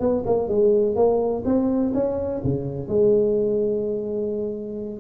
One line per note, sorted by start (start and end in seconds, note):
0.00 0.24 B3
0.26 0.49 A#3
0.49 0.96 G#3
0.96 1.43 A#3
1.45 1.93 C4
1.94 2.42 C#4
2.44 2.88 C#3
2.88 5.00 G#3